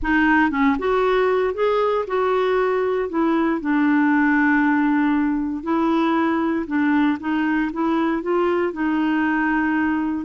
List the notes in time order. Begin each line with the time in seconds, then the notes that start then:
0.02 D#4
0.50 C#4
0.78 F#4
1.54 G#4
2.07 F#4
3.09 E4
3.60 D4
5.63 E4
6.66 D4
7.19 D#4
7.72 E4
8.22 F4
8.72 D#4